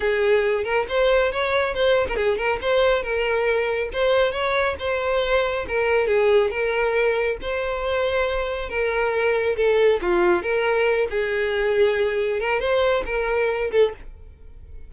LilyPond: \new Staff \with { instrumentName = "violin" } { \time 4/4 \tempo 4 = 138 gis'4. ais'8 c''4 cis''4 | c''8. ais'16 gis'8 ais'8 c''4 ais'4~ | ais'4 c''4 cis''4 c''4~ | c''4 ais'4 gis'4 ais'4~ |
ais'4 c''2. | ais'2 a'4 f'4 | ais'4. gis'2~ gis'8~ | gis'8 ais'8 c''4 ais'4. a'8 | }